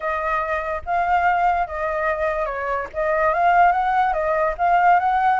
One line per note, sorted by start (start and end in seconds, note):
0.00 0.82 D#5
0.85 1.67 F5
1.67 2.45 D#5
2.45 2.87 C#5
2.93 3.33 D#5
3.33 3.71 F5
3.71 4.13 F#5
4.13 4.54 D#5
4.58 4.99 F5
4.99 5.39 F#5